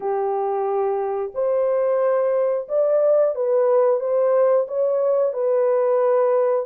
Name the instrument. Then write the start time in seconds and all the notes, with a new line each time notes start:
horn
0.00 G4
1.34 C5
2.68 D5
3.35 B4
4.00 C5
4.67 C#5
5.33 B4